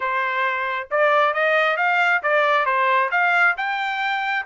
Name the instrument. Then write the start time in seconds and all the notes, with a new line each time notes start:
trumpet
0.00 C5
0.90 D5
1.33 D#5
1.77 F5
2.22 D5
2.65 C5
3.11 F5
3.57 G5